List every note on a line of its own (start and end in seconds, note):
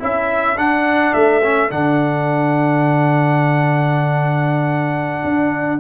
0.00 0.57 C#4
0.00 0.57 E4
0.00 5.80 A4
0.00 0.58 E5
0.57 1.13 D4
0.57 1.42 D4
0.57 1.14 F#5
1.14 1.71 A3
1.14 1.71 E5
1.43 1.70 C#4
1.70 5.24 D3
1.70 5.80 D4
1.70 5.80 F#5
5.24 5.80 D4